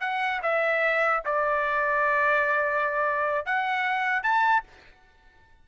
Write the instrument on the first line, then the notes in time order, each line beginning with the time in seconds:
trumpet
0.00 F#5
0.42 E5
1.25 D5
3.45 F#5
4.23 A5